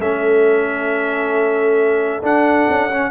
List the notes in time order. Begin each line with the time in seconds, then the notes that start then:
0.00 A3 C#4 A4 E5
2.23 D4 F#5
2.69 C#4
2.91 C#4